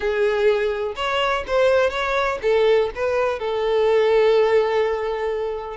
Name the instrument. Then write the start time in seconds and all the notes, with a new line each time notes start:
violin
0.00 G#4
0.95 C#5
1.47 C5
1.90 C#5
2.41 A4
2.95 B4
3.39 A4